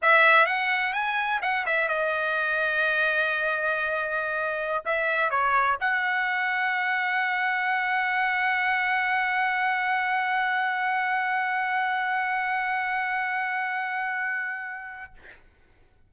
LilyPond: \new Staff \with { instrumentName = "trumpet" } { \time 4/4 \tempo 4 = 127 e''4 fis''4 gis''4 fis''8 e''8 | dis''1~ | dis''2~ dis''16 e''4 cis''8.~ | cis''16 fis''2.~ fis''8.~ |
fis''1~ | fis''1~ | fis''1~ | fis''1 | }